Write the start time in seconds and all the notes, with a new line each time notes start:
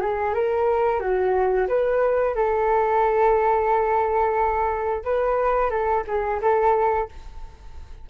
0.00 G#4
0.34 A#4
1.00 F#4
1.68 B4
2.35 A4
5.04 B4
5.70 A4
6.07 G#4
6.41 A4